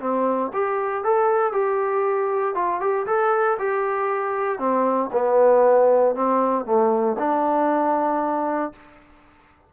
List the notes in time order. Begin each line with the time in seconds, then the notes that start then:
0.00 C4
0.53 G4
1.04 A4
1.52 G4
2.55 F4
2.80 G4
3.06 A4
3.59 G4
4.59 C4
5.12 B3
6.15 C4
6.65 A3
7.19 D4